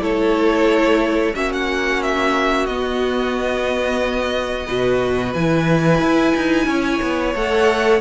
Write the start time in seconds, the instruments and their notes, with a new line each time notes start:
0.00 cello A3, viola E4, violin A4 C#5
1.34 cello A#3, viola C#4, violin F#4 E5
1.53 violin F#5
2.02 violin E5
2.66 cello B3, viola B3, violin D#5
4.66 cello B2, viola F#4, violin B4
5.33 cello E3, viola E4, violin G#5
6.01 cello E4
6.36 cello D#4
6.66 cello C#4, violin C#5
7.02 cello B3
7.34 cello A3, viola A4, violin F#5